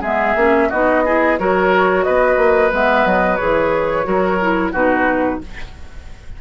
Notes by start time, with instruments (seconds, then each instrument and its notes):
0.00 bassoon G#3, clarinet B3, oboe G#4, flute E5
0.35 bassoon A#3, clarinet C#4
0.69 bassoon B3, clarinet D#4, oboe F#4, flute D#5
1.05 clarinet E4, oboe G#4
1.38 bassoon F#3, clarinet F#4, oboe A#4, flute C#5
2.03 bassoon B3, oboe B4, flute D#5
2.37 bassoon A#3
2.71 bassoon G#3, clarinet B3, flute E5
3.05 bassoon F#3, flute D#5
3.35 clarinet G#4, flute C#5
3.41 bassoon E3
4.03 bassoon F#3, clarinet F#4, oboe A#4
4.41 clarinet E4
4.72 bassoon B2, clarinet D#4, oboe F#4, flute B4